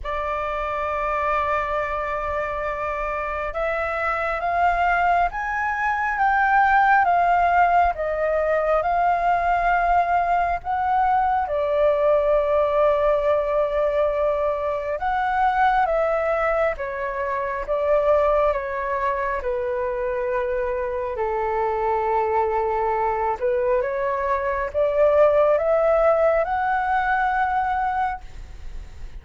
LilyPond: \new Staff \with { instrumentName = "flute" } { \time 4/4 \tempo 4 = 68 d''1 | e''4 f''4 gis''4 g''4 | f''4 dis''4 f''2 | fis''4 d''2.~ |
d''4 fis''4 e''4 cis''4 | d''4 cis''4 b'2 | a'2~ a'8 b'8 cis''4 | d''4 e''4 fis''2 | }